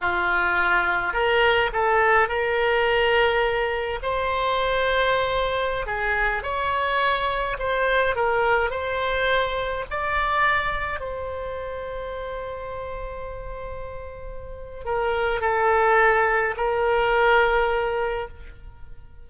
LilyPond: \new Staff \with { instrumentName = "oboe" } { \time 4/4 \tempo 4 = 105 f'2 ais'4 a'4 | ais'2. c''4~ | c''2~ c''16 gis'4 cis''8.~ | cis''4~ cis''16 c''4 ais'4 c''8.~ |
c''4~ c''16 d''2 c''8.~ | c''1~ | c''2 ais'4 a'4~ | a'4 ais'2. | }